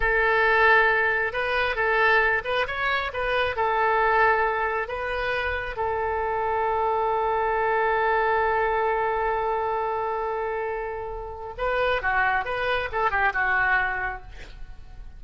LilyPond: \new Staff \with { instrumentName = "oboe" } { \time 4/4 \tempo 4 = 135 a'2. b'4 | a'4. b'8 cis''4 b'4 | a'2. b'4~ | b'4 a'2.~ |
a'1~ | a'1~ | a'2 b'4 fis'4 | b'4 a'8 g'8 fis'2 | }